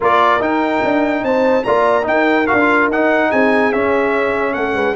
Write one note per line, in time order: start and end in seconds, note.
0.00 0.40 A#3
0.00 0.40 F4
0.00 1.23 A#4
0.00 0.42 D5
0.40 0.81 D#4
0.40 1.64 D#4
0.40 1.24 G5
0.83 1.22 D4
1.22 1.64 C4
1.22 1.65 C5
1.22 1.64 A5
1.64 2.07 A#3
1.64 2.02 F4
1.64 2.06 D5
1.64 2.05 A#5
2.02 2.44 D#4
2.02 2.48 D#4
2.02 2.46 G5
2.09 3.29 A#4
2.46 2.57 F#4
2.46 2.88 F5
2.52 2.88 D4
2.60 2.91 F4
2.88 3.29 D#4
2.88 3.72 D#4
2.88 3.31 F#5
3.29 3.74 C4
3.29 4.53 G#4
3.29 3.72 G#5
3.72 4.96 C#4
3.72 4.55 C#4
3.72 4.53 E5
4.53 4.73 A3
4.53 4.74 A4
4.53 4.95 F#5
4.73 4.94 G#3
4.73 4.95 B4